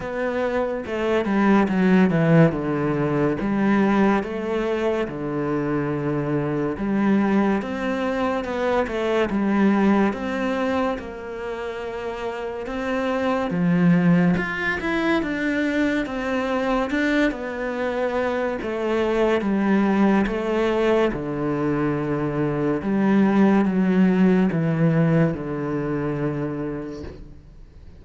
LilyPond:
\new Staff \with { instrumentName = "cello" } { \time 4/4 \tempo 4 = 71 b4 a8 g8 fis8 e8 d4 | g4 a4 d2 | g4 c'4 b8 a8 g4 | c'4 ais2 c'4 |
f4 f'8 e'8 d'4 c'4 | d'8 b4. a4 g4 | a4 d2 g4 | fis4 e4 d2 | }